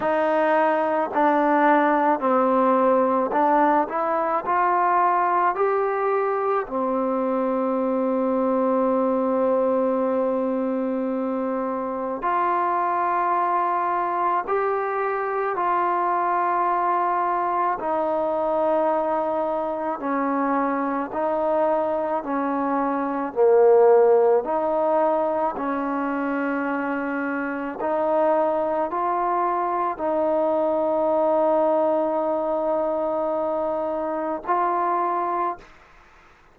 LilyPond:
\new Staff \with { instrumentName = "trombone" } { \time 4/4 \tempo 4 = 54 dis'4 d'4 c'4 d'8 e'8 | f'4 g'4 c'2~ | c'2. f'4~ | f'4 g'4 f'2 |
dis'2 cis'4 dis'4 | cis'4 ais4 dis'4 cis'4~ | cis'4 dis'4 f'4 dis'4~ | dis'2. f'4 | }